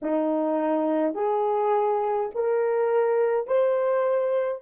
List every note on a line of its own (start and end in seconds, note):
0.02 1.14 D#4
1.14 2.30 G#4
2.34 3.47 A#4
3.47 4.62 C5